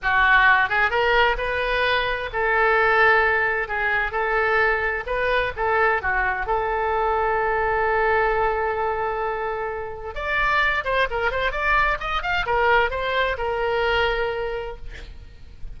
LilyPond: \new Staff \with { instrumentName = "oboe" } { \time 4/4 \tempo 4 = 130 fis'4. gis'8 ais'4 b'4~ | b'4 a'2. | gis'4 a'2 b'4 | a'4 fis'4 a'2~ |
a'1~ | a'2 d''4. c''8 | ais'8 c''8 d''4 dis''8 f''8 ais'4 | c''4 ais'2. | }